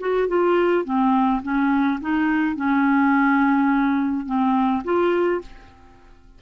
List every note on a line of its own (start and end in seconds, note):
0.00 0.28 F#4
0.28 0.85 F4
0.85 1.42 C4
1.43 2.00 C#4
2.01 2.56 D#4
2.56 4.26 C#4
4.26 4.83 C4
4.84 5.41 F4